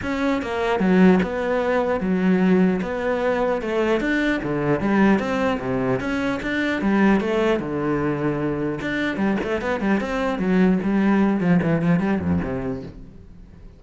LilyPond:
\new Staff \with { instrumentName = "cello" } { \time 4/4 \tempo 4 = 150 cis'4 ais4 fis4 b4~ | b4 fis2 b4~ | b4 a4 d'4 d4 | g4 c'4 c4 cis'4 |
d'4 g4 a4 d4~ | d2 d'4 g8 a8 | b8 g8 c'4 fis4 g4~ | g8 f8 e8 f8 g8 f,8 c4 | }